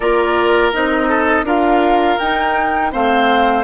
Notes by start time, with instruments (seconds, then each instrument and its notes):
0.00 bassoon A#3, clarinet F4, oboe A#4, flute D5
0.72 bassoon C4, clarinet D#4, flute D#5
1.08 oboe A4
1.43 bassoon D4, clarinet F4, oboe A#4, flute F5
2.19 bassoon D#4, clarinet D#4, flute G5
2.91 bassoon A3, clarinet C4, oboe C5, flute F5